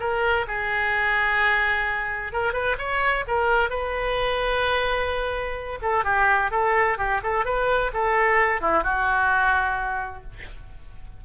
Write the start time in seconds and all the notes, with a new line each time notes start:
0.00 A#4
0.48 G#4
2.33 A#4
2.53 B4
2.78 C#5
3.28 A#4
3.70 B4
5.82 A4
6.05 G4
6.51 A4
6.98 G4
7.23 A4
7.45 B4
7.94 A4
8.61 E4
8.84 F#4